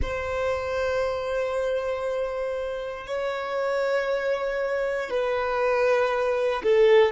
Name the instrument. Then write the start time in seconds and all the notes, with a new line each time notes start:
violin
0.01 C5
3.06 C#5
5.09 B4
6.63 A4